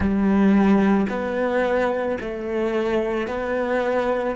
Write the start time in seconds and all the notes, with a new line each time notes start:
0.00 G3
1.09 B3
2.20 A3
3.27 B3